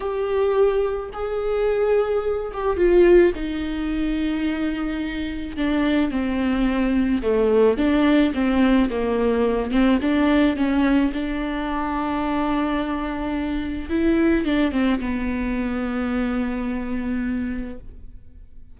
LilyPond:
\new Staff \with { instrumentName = "viola" } { \time 4/4 \tempo 4 = 108 g'2 gis'2~ | gis'8 g'8 f'4 dis'2~ | dis'2 d'4 c'4~ | c'4 a4 d'4 c'4 |
ais4. c'8 d'4 cis'4 | d'1~ | d'4 e'4 d'8 c'8 b4~ | b1 | }